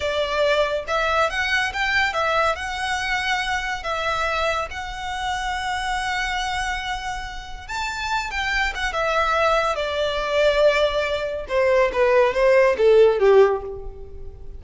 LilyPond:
\new Staff \with { instrumentName = "violin" } { \time 4/4 \tempo 4 = 141 d''2 e''4 fis''4 | g''4 e''4 fis''2~ | fis''4 e''2 fis''4~ | fis''1~ |
fis''2 a''4. g''8~ | g''8 fis''8 e''2 d''4~ | d''2. c''4 | b'4 c''4 a'4 g'4 | }